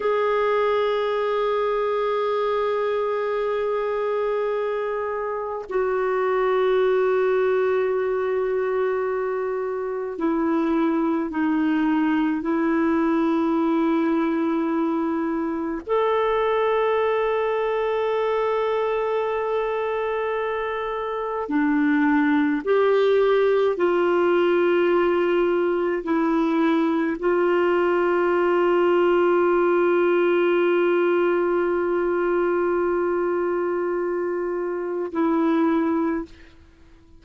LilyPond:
\new Staff \with { instrumentName = "clarinet" } { \time 4/4 \tempo 4 = 53 gis'1~ | gis'4 fis'2.~ | fis'4 e'4 dis'4 e'4~ | e'2 a'2~ |
a'2. d'4 | g'4 f'2 e'4 | f'1~ | f'2. e'4 | }